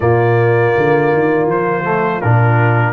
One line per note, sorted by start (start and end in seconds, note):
0.00 0.72 A#2
0.00 1.84 A#3
0.00 2.92 F4
0.00 1.48 D5
0.77 1.13 D3
1.13 1.46 D#3
1.46 2.20 F3
1.46 2.21 C5
1.84 2.21 A3
2.21 2.92 A#2
2.21 2.92 D4
2.21 2.92 A#4